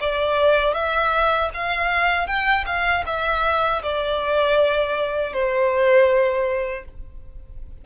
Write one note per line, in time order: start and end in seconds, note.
0.00 0.74 D5
0.74 1.49 E5
1.54 2.26 F5
2.26 2.64 G5
2.66 3.04 F5
3.06 3.82 E5
3.82 5.33 D5
5.33 6.85 C5